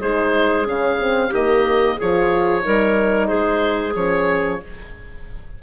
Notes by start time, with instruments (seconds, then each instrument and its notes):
0.00 bassoon G#3, horn D#4, clarinet G#4, oboe C5
0.65 bassoon C#3, horn C#4, oboe F5
1.00 horn C4
1.30 bassoon D#3, horn A#3, clarinet G4, oboe D#5
1.97 bassoon F3, horn F4, clarinet G#4, oboe C#5
2.62 bassoon G3, horn D#4, clarinet A#4
3.28 bassoon G#3, clarinet G#4, oboe C5
3.95 bassoon F3, horn C#4, oboe C#5